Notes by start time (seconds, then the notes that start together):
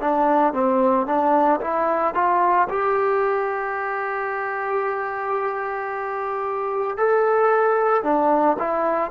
0.00 D4
0.53 C4
1.06 D4
1.61 E4
2.14 F4
2.69 G4
6.97 A4
8.03 D4
8.59 E4